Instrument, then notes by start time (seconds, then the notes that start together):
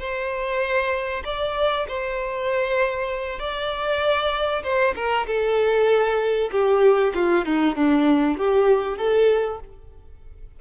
violin
0.00 C5
1.25 D5
1.88 C5
3.39 D5
4.64 C5
4.96 A#4
5.27 A4
6.52 G4
7.15 F4
7.46 D#4
7.76 D4
8.38 G4
8.98 A4